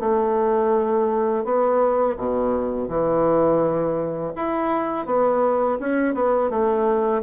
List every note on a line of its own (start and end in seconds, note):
0.00 1.45 A3
1.45 2.17 B3
2.17 2.88 B2
2.88 4.33 E3
4.36 5.06 E4
5.06 5.78 B3
5.80 6.14 C#4
6.14 6.50 B3
6.50 7.22 A3